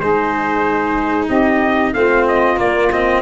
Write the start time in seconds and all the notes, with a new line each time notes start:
0.00 G#3 D#4 G#4 C5
1.28 C4 G4 D#5
1.94 A3 C4 F4 F5
2.28 D#5
2.57 A#3 D5
2.92 C4 D#5